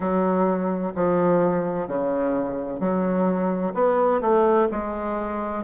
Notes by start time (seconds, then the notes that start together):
0.00 F#3
0.95 F3
1.87 C#3
2.80 F#3
3.74 B3
4.21 A3
4.71 G#3